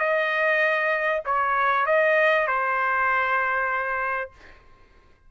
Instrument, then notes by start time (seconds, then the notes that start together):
trumpet
0.00 D#5
1.26 C#5
1.86 D#5
2.48 C5